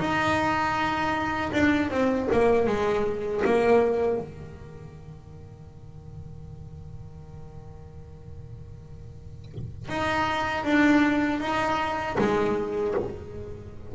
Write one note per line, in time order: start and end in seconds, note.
0.00 1.52 D#4
1.53 1.91 D4
1.91 2.29 C4
2.33 2.67 A#3
2.67 3.43 G#3
3.45 4.20 A#3
4.20 9.89 D#3
9.89 10.65 D#4
10.65 11.41 D4
11.41 12.17 D#4
12.19 12.95 G#3